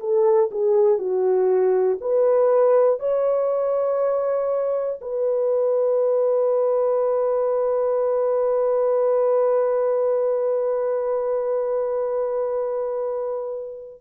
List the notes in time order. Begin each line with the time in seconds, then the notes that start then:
0.00 A4
0.50 G#4
0.98 F#4
2.00 B4
2.99 C#5
5.01 B4